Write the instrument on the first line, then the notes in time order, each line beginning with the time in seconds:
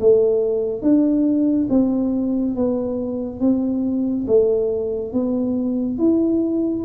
tuba
0.00 A3
0.82 D4
1.69 C4
2.55 B3
3.40 C4
4.27 A3
5.12 B3
5.98 E4